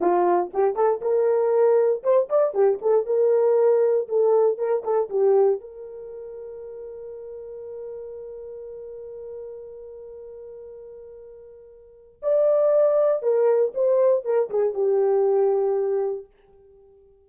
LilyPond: \new Staff \with { instrumentName = "horn" } { \time 4/4 \tempo 4 = 118 f'4 g'8 a'8 ais'2 | c''8 d''8 g'8 a'8 ais'2 | a'4 ais'8 a'8 g'4 ais'4~ | ais'1~ |
ais'1~ | ais'1 | d''2 ais'4 c''4 | ais'8 gis'8 g'2. | }